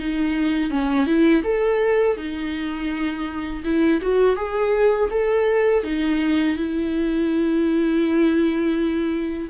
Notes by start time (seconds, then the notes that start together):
0.00 D#4
0.71 C#4
1.07 E4
1.44 A4
2.17 D#4
3.65 E4
4.02 F#4
4.36 G#4
5.11 A4
5.84 D#4
6.58 E4